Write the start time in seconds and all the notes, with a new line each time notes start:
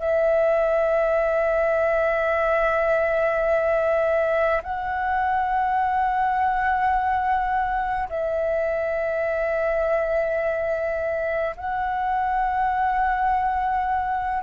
0.00 E5
4.63 F#5
8.10 E5
11.57 F#5